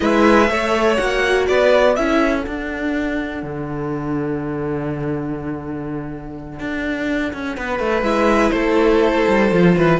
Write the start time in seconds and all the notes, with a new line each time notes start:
0.00 G#3 E4 B4 E5
0.49 A3 A4 C#5
0.96 A#3 F#4 F#5
1.47 B3 B4 D5
1.95 C#4 E4 A4 E5
2.42 D4 F#5
3.42 D3
6.59 D4
7.33 C#4
7.57 B3 B4
7.79 A3
8.02 G#3 E4 E5
8.50 A3 A4 C5
9.27 G3
9.51 F3 F4
9.76 E3 B4